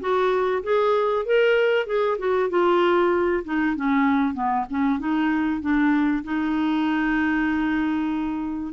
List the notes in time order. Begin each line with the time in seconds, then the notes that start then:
0.00 F#4
0.63 G#4
1.25 A#4
1.86 G#4
2.18 F#4
2.49 F4
3.44 D#4
3.76 C#4
4.34 B3
4.70 C#4
4.99 D#4
5.61 D4
6.24 D#4